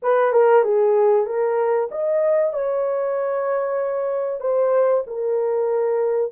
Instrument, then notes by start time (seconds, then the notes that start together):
horn
0.02 B4
0.32 A#4
0.63 G#4
1.26 A#4
1.91 D#5
2.53 C#5
4.40 C5
5.06 A#4